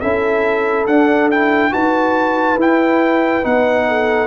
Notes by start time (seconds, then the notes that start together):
0.00 C#4 E4 A4 E5
0.86 D4 F#5
1.30 E4 G5
1.71 D#4 F#4 B4 A5
2.57 E4 G5
3.42 B3 D#4 F#5
3.87 A4